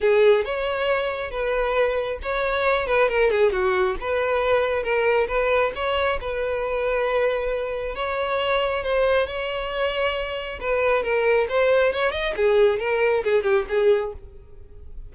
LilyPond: \new Staff \with { instrumentName = "violin" } { \time 4/4 \tempo 4 = 136 gis'4 cis''2 b'4~ | b'4 cis''4. b'8 ais'8 gis'8 | fis'4 b'2 ais'4 | b'4 cis''4 b'2~ |
b'2 cis''2 | c''4 cis''2. | b'4 ais'4 c''4 cis''8 dis''8 | gis'4 ais'4 gis'8 g'8 gis'4 | }